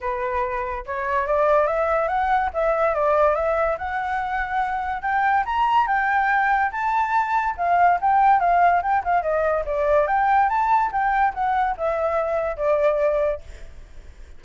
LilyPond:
\new Staff \with { instrumentName = "flute" } { \time 4/4 \tempo 4 = 143 b'2 cis''4 d''4 | e''4 fis''4 e''4 d''4 | e''4 fis''2. | g''4 ais''4 g''2 |
a''2 f''4 g''4 | f''4 g''8 f''8 dis''4 d''4 | g''4 a''4 g''4 fis''4 | e''2 d''2 | }